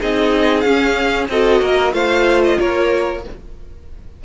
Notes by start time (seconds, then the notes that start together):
0.00 C4 D#4 G#4 D#5
0.61 C#4 F5
1.29 C4 F#4 A4 D#5
1.62 A#3 A#4
1.93 A3 F4 C5 F5
2.44 D#5
2.59 A#3 A#4 C#5